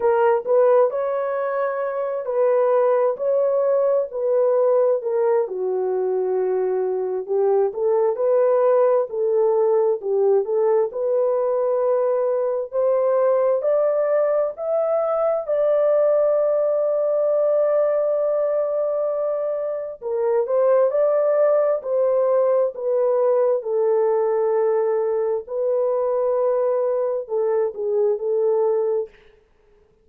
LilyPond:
\new Staff \with { instrumentName = "horn" } { \time 4/4 \tempo 4 = 66 ais'8 b'8 cis''4. b'4 cis''8~ | cis''8 b'4 ais'8 fis'2 | g'8 a'8 b'4 a'4 g'8 a'8 | b'2 c''4 d''4 |
e''4 d''2.~ | d''2 ais'8 c''8 d''4 | c''4 b'4 a'2 | b'2 a'8 gis'8 a'4 | }